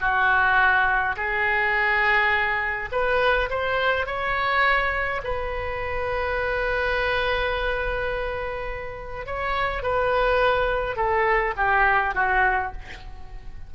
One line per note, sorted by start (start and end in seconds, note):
0.00 1.15 F#4
1.16 2.89 G#4
2.92 3.49 B4
3.50 4.06 C5
4.06 5.21 C#5
5.24 9.26 B4
9.26 9.82 C#5
9.82 10.96 B4
10.96 11.54 A4
11.56 12.14 G4
12.14 12.72 F#4